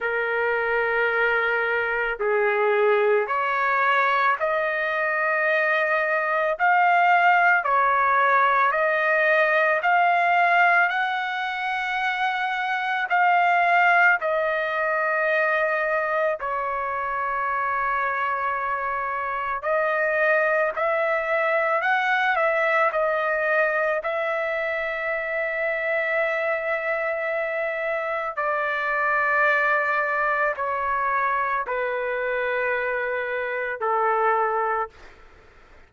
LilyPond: \new Staff \with { instrumentName = "trumpet" } { \time 4/4 \tempo 4 = 55 ais'2 gis'4 cis''4 | dis''2 f''4 cis''4 | dis''4 f''4 fis''2 | f''4 dis''2 cis''4~ |
cis''2 dis''4 e''4 | fis''8 e''8 dis''4 e''2~ | e''2 d''2 | cis''4 b'2 a'4 | }